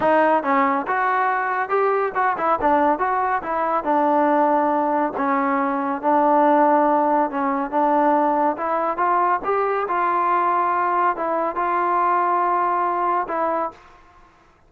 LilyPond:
\new Staff \with { instrumentName = "trombone" } { \time 4/4 \tempo 4 = 140 dis'4 cis'4 fis'2 | g'4 fis'8 e'8 d'4 fis'4 | e'4 d'2. | cis'2 d'2~ |
d'4 cis'4 d'2 | e'4 f'4 g'4 f'4~ | f'2 e'4 f'4~ | f'2. e'4 | }